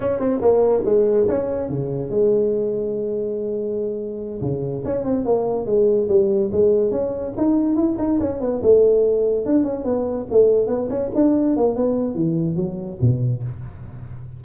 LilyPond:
\new Staff \with { instrumentName = "tuba" } { \time 4/4 \tempo 4 = 143 cis'8 c'8 ais4 gis4 cis'4 | cis4 gis2.~ | gis2~ gis8 cis4 cis'8 | c'8 ais4 gis4 g4 gis8~ |
gis8 cis'4 dis'4 e'8 dis'8 cis'8 | b8 a2 d'8 cis'8 b8~ | b8 a4 b8 cis'8 d'4 ais8 | b4 e4 fis4 b,4 | }